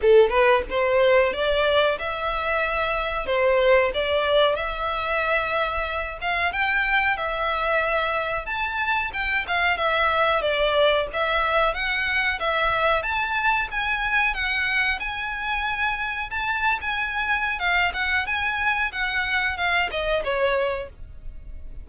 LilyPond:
\new Staff \with { instrumentName = "violin" } { \time 4/4 \tempo 4 = 92 a'8 b'8 c''4 d''4 e''4~ | e''4 c''4 d''4 e''4~ | e''4. f''8 g''4 e''4~ | e''4 a''4 g''8 f''8 e''4 |
d''4 e''4 fis''4 e''4 | a''4 gis''4 fis''4 gis''4~ | gis''4 a''8. gis''4~ gis''16 f''8 fis''8 | gis''4 fis''4 f''8 dis''8 cis''4 | }